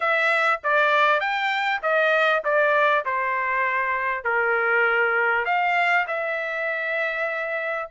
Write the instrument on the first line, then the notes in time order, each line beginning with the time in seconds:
trumpet
0.00 E5
0.63 D5
1.20 G5
1.82 D#5
2.44 D5
3.05 C5
4.24 A#4
5.45 F5
6.07 E5